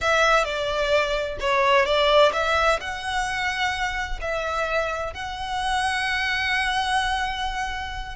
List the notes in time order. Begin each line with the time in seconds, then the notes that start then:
0.01 E5
0.44 D5
1.40 C#5
1.85 D5
2.33 E5
2.80 F#5
4.21 E5
5.13 F#5